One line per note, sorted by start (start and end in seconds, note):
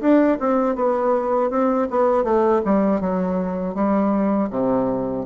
0.00 0.38 D4
0.39 0.75 C4
0.75 1.50 B3
1.50 1.88 C4
1.90 2.24 B3
2.24 2.61 A3
2.65 3.00 G3
3.00 3.74 F#3
3.74 4.49 G3
4.50 5.25 C3